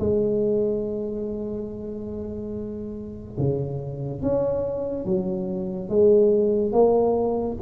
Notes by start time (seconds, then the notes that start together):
0.00 G#3
3.38 C#3
4.22 C#4
5.06 F#3
5.89 G#3
6.73 A#3